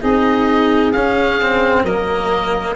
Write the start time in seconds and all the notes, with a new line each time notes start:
0.00 C4 D#4 G#4 D#5
0.92 C#4 F5
1.41 C4
1.83 F#3 A#3 A#4 D#5